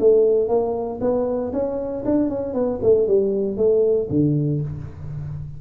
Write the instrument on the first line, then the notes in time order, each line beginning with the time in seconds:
tuba
0.00 A3
0.48 A#3
1.01 B3
1.53 C#4
2.05 D4
2.30 C#4
2.54 B3
2.83 A3
3.08 G3
3.57 A3
4.10 D3